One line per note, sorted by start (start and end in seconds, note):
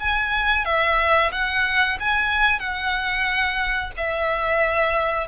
0.00 0.65 G#5
0.65 1.31 E5
1.32 1.98 F#5
2.00 2.60 G#5
2.60 3.91 F#5
3.97 5.27 E5